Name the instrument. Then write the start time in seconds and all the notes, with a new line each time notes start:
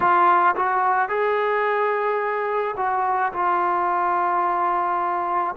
trombone
0.00 F4
0.56 F#4
1.08 G#4
2.76 F#4
3.32 F4